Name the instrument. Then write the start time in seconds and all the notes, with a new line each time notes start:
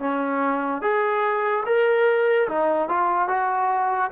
trombone
0.00 C#4
0.82 G#4
1.66 A#4
2.49 D#4
2.89 F4
3.29 F#4